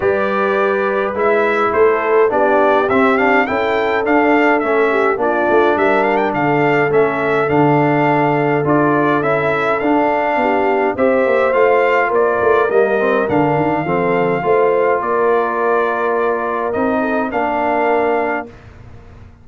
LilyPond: <<
  \new Staff \with { instrumentName = "trumpet" } { \time 4/4 \tempo 4 = 104 d''2 e''4 c''4 | d''4 e''8 f''8 g''4 f''4 | e''4 d''4 e''8 f''16 g''16 f''4 | e''4 f''2 d''4 |
e''4 f''2 e''4 | f''4 d''4 dis''4 f''4~ | f''2 d''2~ | d''4 dis''4 f''2 | }
  \new Staff \with { instrumentName = "horn" } { \time 4/4 b'2. a'4 | g'2 a'2~ | a'8 g'8 f'4 ais'4 a'4~ | a'1~ |
a'2 g'4 c''4~ | c''4 ais'2. | a'4 c''4 ais'2~ | ais'4. a'8 ais'2 | }
  \new Staff \with { instrumentName = "trombone" } { \time 4/4 g'2 e'2 | d'4 c'8 d'8 e'4 d'4 | cis'4 d'2. | cis'4 d'2 f'4 |
e'4 d'2 g'4 | f'2 ais8 c'8 d'4 | c'4 f'2.~ | f'4 dis'4 d'2 | }
  \new Staff \with { instrumentName = "tuba" } { \time 4/4 g2 gis4 a4 | b4 c'4 cis'4 d'4 | a4 ais8 a8 g4 d4 | a4 d2 d'4 |
cis'4 d'4 b4 c'8 ais8 | a4 ais8 a8 g4 d8 dis8 | f4 a4 ais2~ | ais4 c'4 ais2 | }
>>